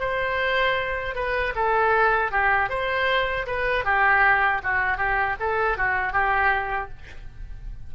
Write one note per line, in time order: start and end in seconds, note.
0.00 1.15 C5
1.15 1.54 B4
1.56 2.32 A4
2.32 2.70 G4
2.70 3.47 C5
3.47 3.85 B4
3.85 4.62 G4
4.64 4.98 F#4
4.98 5.36 G4
5.40 5.78 A4
5.78 6.13 F#4
6.13 6.90 G4